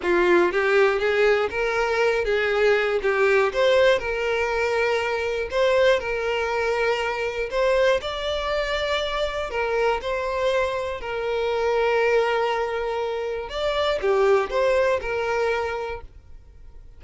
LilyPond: \new Staff \with { instrumentName = "violin" } { \time 4/4 \tempo 4 = 120 f'4 g'4 gis'4 ais'4~ | ais'8 gis'4. g'4 c''4 | ais'2. c''4 | ais'2. c''4 |
d''2. ais'4 | c''2 ais'2~ | ais'2. d''4 | g'4 c''4 ais'2 | }